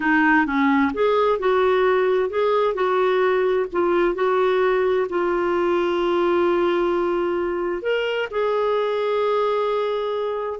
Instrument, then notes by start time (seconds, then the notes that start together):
clarinet
0.00 D#4
0.46 C#4
0.93 G#4
1.39 F#4
2.29 G#4
2.74 F#4
3.72 F4
4.14 F#4
5.09 F4
7.82 A#4
8.31 G#4